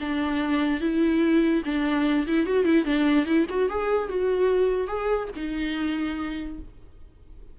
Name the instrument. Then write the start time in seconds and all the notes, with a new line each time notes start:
viola
0.00 D4
0.81 E4
1.65 D4
2.27 E4
2.46 F#4
2.65 E4
2.85 D4
3.26 E4
3.49 F#4
3.69 G#4
4.08 F#4
4.87 G#4
5.36 D#4